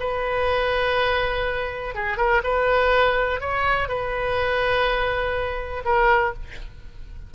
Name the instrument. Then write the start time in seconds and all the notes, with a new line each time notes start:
oboe
0.00 B4
1.95 G#4
2.18 A#4
2.44 B4
3.41 C#5
3.88 B4
5.85 A#4